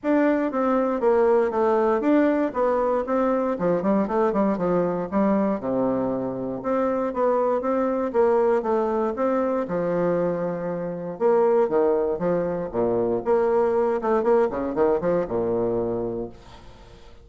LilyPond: \new Staff \with { instrumentName = "bassoon" } { \time 4/4 \tempo 4 = 118 d'4 c'4 ais4 a4 | d'4 b4 c'4 f8 g8 | a8 g8 f4 g4 c4~ | c4 c'4 b4 c'4 |
ais4 a4 c'4 f4~ | f2 ais4 dis4 | f4 ais,4 ais4. a8 | ais8 cis8 dis8 f8 ais,2 | }